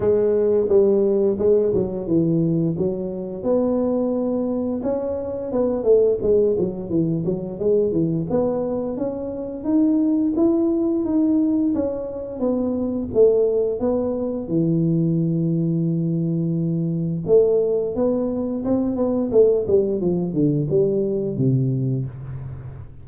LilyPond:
\new Staff \with { instrumentName = "tuba" } { \time 4/4 \tempo 4 = 87 gis4 g4 gis8 fis8 e4 | fis4 b2 cis'4 | b8 a8 gis8 fis8 e8 fis8 gis8 e8 | b4 cis'4 dis'4 e'4 |
dis'4 cis'4 b4 a4 | b4 e2.~ | e4 a4 b4 c'8 b8 | a8 g8 f8 d8 g4 c4 | }